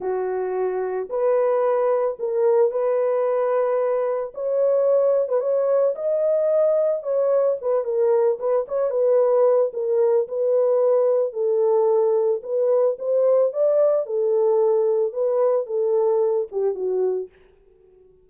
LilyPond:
\new Staff \with { instrumentName = "horn" } { \time 4/4 \tempo 4 = 111 fis'2 b'2 | ais'4 b'2. | cis''4.~ cis''16 b'16 cis''4 dis''4~ | dis''4 cis''4 b'8 ais'4 b'8 |
cis''8 b'4. ais'4 b'4~ | b'4 a'2 b'4 | c''4 d''4 a'2 | b'4 a'4. g'8 fis'4 | }